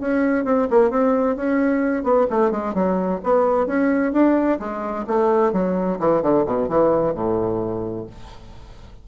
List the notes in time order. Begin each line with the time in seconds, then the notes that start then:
0.00 C#4
0.45 C4
0.70 A#3
0.90 C4
1.36 C#4
2.03 B3
2.30 A3
2.51 G#3
2.74 F#3
3.23 B3
3.67 C#4
4.13 D4
4.59 G#3
5.07 A3
5.53 F#3
6.00 E3
6.22 D3
6.46 B2
6.68 E3
7.14 A2